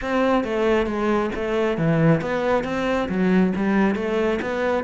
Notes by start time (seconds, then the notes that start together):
0.01 C4
0.44 A3
0.86 G#3
1.35 A3
1.77 E3
2.21 B3
2.64 C4
3.08 F#3
3.56 G3
3.95 A3
4.41 B3